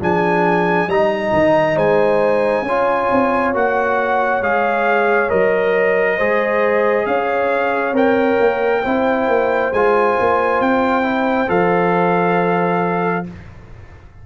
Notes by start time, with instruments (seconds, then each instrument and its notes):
0.00 tuba F3, trombone D4, horn G#4, trumpet G#5
0.87 tuba G3, trombone D#4, horn D#5, trumpet A#5
1.33 tuba D#3
1.76 tuba G#3, horn C5, trumpet G#5
2.62 tuba C#4, horn C#5
2.68 trombone F4
3.11 tuba C4
3.54 tuba A#3, trombone F#4, trumpet F#5
4.41 tuba G#3, trombone G#4, trumpet F5
5.29 tuba F#3, trombone A#4, trumpet D#5
6.17 tuba G#3, trombone G#4, horn C5
7.06 tuba C#4, horn C#5, trumpet F5
7.92 tuba C4, trombone A#4, trumpet G5
8.40 tuba A#3
8.82 tuba C4, trombone E4, horn C5
9.28 tuba A#3
9.73 tuba G#3, trombone F4, trumpet G#5
10.20 tuba A#3
10.60 tuba C4, trumpet G5
11.02 trombone E4
11.47 tuba F3, trombone A4, trumpet F5